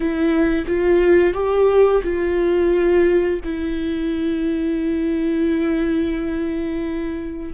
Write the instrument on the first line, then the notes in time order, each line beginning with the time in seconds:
viola
0.00 E4
0.67 F4
1.33 G4
2.03 F4
3.44 E4